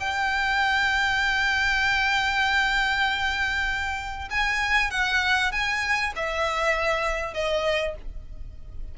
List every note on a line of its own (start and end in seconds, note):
0.00 4.29 G5
4.31 4.91 G#5
4.91 5.52 F#5
5.52 6.13 G#5
6.16 7.34 E5
7.34 7.95 D#5